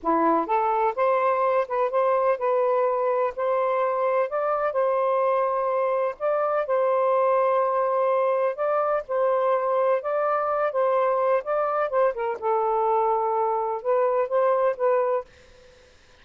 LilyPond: \new Staff \with { instrumentName = "saxophone" } { \time 4/4 \tempo 4 = 126 e'4 a'4 c''4. b'8 | c''4 b'2 c''4~ | c''4 d''4 c''2~ | c''4 d''4 c''2~ |
c''2 d''4 c''4~ | c''4 d''4. c''4. | d''4 c''8 ais'8 a'2~ | a'4 b'4 c''4 b'4 | }